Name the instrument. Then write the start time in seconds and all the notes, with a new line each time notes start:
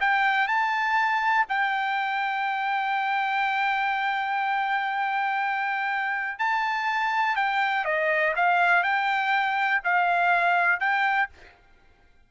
trumpet
0.00 G5
0.47 A5
1.48 G5
6.38 A5
7.36 G5
7.84 D#5
8.35 F5
8.83 G5
9.84 F5
10.80 G5